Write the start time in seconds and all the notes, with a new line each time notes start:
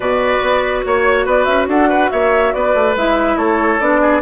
0.00 B2 F#4 B4 D5
0.41 B3
0.85 A#3 C#5
1.25 B3 B4 D5
1.44 C#4 E5
1.67 D4 A4 F#5
1.88 B4
2.11 A#3 C#5 E5
2.53 B3 B4 D5
2.74 A3
2.95 G#3 E4 E5
3.36 A3 A4 C#5
3.79 B3 D4 D5
4.01 G#4